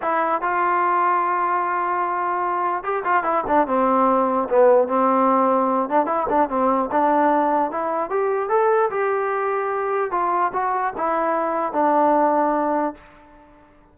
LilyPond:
\new Staff \with { instrumentName = "trombone" } { \time 4/4 \tempo 4 = 148 e'4 f'2.~ | f'2. g'8 f'8 | e'8 d'8 c'2 b4 | c'2~ c'8 d'8 e'8 d'8 |
c'4 d'2 e'4 | g'4 a'4 g'2~ | g'4 f'4 fis'4 e'4~ | e'4 d'2. | }